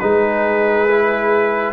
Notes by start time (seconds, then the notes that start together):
0.00 G#3 D#4 G#4 B4
0.89 E4